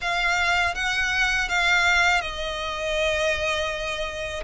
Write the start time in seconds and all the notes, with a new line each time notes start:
0.01 F5
0.74 F#5
1.48 F5
2.21 D#5